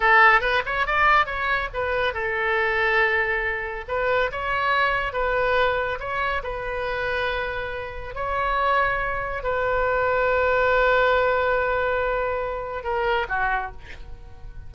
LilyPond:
\new Staff \with { instrumentName = "oboe" } { \time 4/4 \tempo 4 = 140 a'4 b'8 cis''8 d''4 cis''4 | b'4 a'2.~ | a'4 b'4 cis''2 | b'2 cis''4 b'4~ |
b'2. cis''4~ | cis''2 b'2~ | b'1~ | b'2 ais'4 fis'4 | }